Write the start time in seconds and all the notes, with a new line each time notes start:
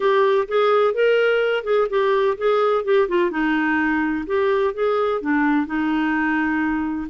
0.00 G4
0.47 G#4
0.94 A#4
1.64 G#4
1.89 G4
2.37 G#4
2.84 G4
3.08 F4
3.30 D#4
4.26 G4
4.74 G#4
5.21 D4
5.66 D#4